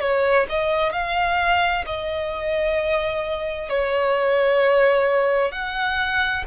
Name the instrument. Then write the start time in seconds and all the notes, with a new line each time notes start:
violin
0.00 C#5
0.49 D#5
0.92 F5
1.86 D#5
3.69 C#5
5.51 F#5